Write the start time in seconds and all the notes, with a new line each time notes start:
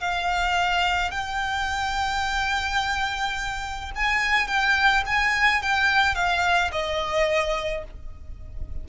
0.00 F5
1.11 G5
3.95 G#5
4.48 G5
5.06 G#5
5.62 G5
6.15 F5
6.72 D#5